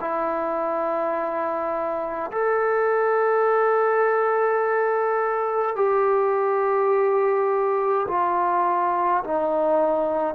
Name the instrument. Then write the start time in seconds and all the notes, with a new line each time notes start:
trombone
0.00 E4
2.31 A4
5.76 G4
8.08 F4
9.24 D#4